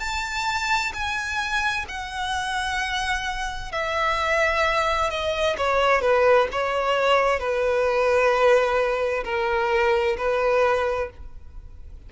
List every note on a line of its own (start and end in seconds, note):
0.00 0.92 A5
0.94 1.86 G#5
1.88 3.72 F#5
3.72 5.10 E5
5.10 5.56 D#5
5.58 6.02 C#5
6.02 6.48 B4
6.52 7.39 C#5
7.39 9.24 B4
9.24 10.17 A#4
10.17 11.10 B4